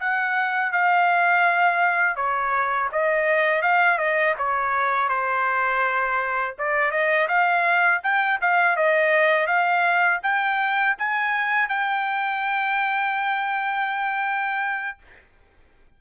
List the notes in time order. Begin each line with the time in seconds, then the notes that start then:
0.00 F#5
0.72 F5
2.16 C#5
2.92 D#5
3.62 F5
3.98 D#5
4.38 C#5
5.09 C5
6.58 D5
6.91 D#5
7.28 F5
8.03 G5
8.41 F5
8.76 D#5
9.47 F5
10.23 G5
10.98 G#5
11.68 G5